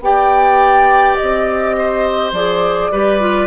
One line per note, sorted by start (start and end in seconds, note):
0.00 1.15 B3
0.00 2.34 G4
0.00 1.76 D5
0.00 1.16 G5
1.16 2.32 C4
1.16 2.31 D#5
1.78 2.92 C5
2.32 2.90 F3
2.32 2.92 G#4
2.32 3.47 D5
2.92 3.47 G3
2.92 3.20 G4
2.92 3.47 B4
3.20 3.47 F4